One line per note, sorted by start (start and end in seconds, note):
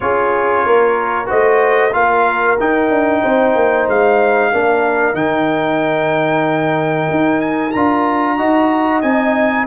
0.00 0.65 C#4
0.00 1.25 F4
0.00 0.65 G#4
0.00 1.29 C#5
0.65 1.29 A#3
0.65 1.28 A#4
1.25 1.93 A3
1.25 1.90 F#4
1.25 1.92 C5
1.25 1.93 D#5
1.92 2.58 A#3
1.92 2.57 F4
1.92 3.22 A#4
1.92 2.58 F5
2.59 2.90 D#4
2.59 4.53 D#4
2.59 3.89 G5
2.90 3.22 D4
3.22 3.55 C4
3.22 4.51 C5
3.55 3.87 A#3
3.88 4.53 G#3
3.88 5.15 F5
4.51 5.14 A#3
4.51 5.14 D4
4.51 8.36 A#4
5.14 7.07 D#3
5.14 7.72 D#4
5.14 7.40 G5
7.10 7.74 D#4
7.40 7.71 G#5
7.71 8.39 D4
7.71 8.38 F4
7.71 9.00 A#5
8.36 9.02 D#4
8.36 9.02 F#4
8.36 9.65 D#5
9.01 9.67 C4
9.01 9.67 D#4
9.01 9.66 G#5